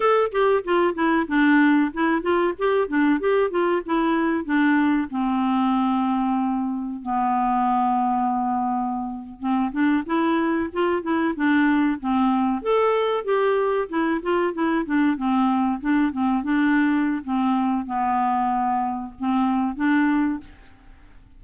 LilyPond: \new Staff \with { instrumentName = "clarinet" } { \time 4/4 \tempo 4 = 94 a'8 g'8 f'8 e'8 d'4 e'8 f'8 | g'8 d'8 g'8 f'8 e'4 d'4 | c'2. b4~ | b2~ b8. c'8 d'8 e'16~ |
e'8. f'8 e'8 d'4 c'4 a'16~ | a'8. g'4 e'8 f'8 e'8 d'8 c'16~ | c'8. d'8 c'8 d'4~ d'16 c'4 | b2 c'4 d'4 | }